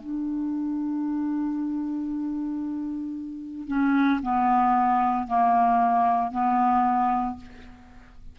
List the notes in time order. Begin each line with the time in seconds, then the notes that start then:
0.00 D4
3.68 C#4
4.22 B3
5.27 A#3
6.32 B3